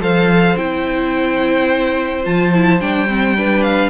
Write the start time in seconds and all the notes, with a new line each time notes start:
0.00 F3 A4 C5 F5
0.57 C4 E4 G5
2.24 F3 F4 A5
2.54 E4
2.81 G3 D4 G5
3.08 C4
3.37 D4 B4
3.63 F5